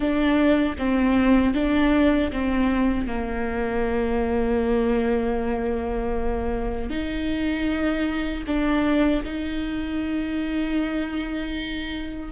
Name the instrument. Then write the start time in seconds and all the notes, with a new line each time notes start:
viola
0.00 D4
0.78 C4
1.54 D4
2.31 C4
3.06 A#3
6.90 D#4
8.47 D4
9.24 D#4